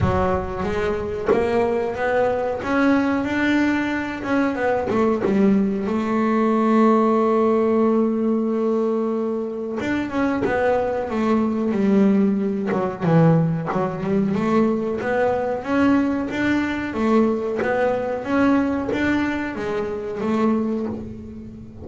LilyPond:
\new Staff \with { instrumentName = "double bass" } { \time 4/4 \tempo 4 = 92 fis4 gis4 ais4 b4 | cis'4 d'4. cis'8 b8 a8 | g4 a2.~ | a2. d'8 cis'8 |
b4 a4 g4. fis8 | e4 fis8 g8 a4 b4 | cis'4 d'4 a4 b4 | cis'4 d'4 gis4 a4 | }